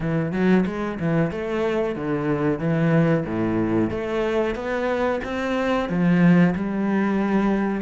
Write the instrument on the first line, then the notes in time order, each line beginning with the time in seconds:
cello
0.00 E3
0.32 F#3
0.66 G#3
0.99 E3
1.31 A3
1.95 D3
2.59 E3
3.25 A2
3.90 A3
4.55 B3
5.24 C4
5.89 F3
6.55 G3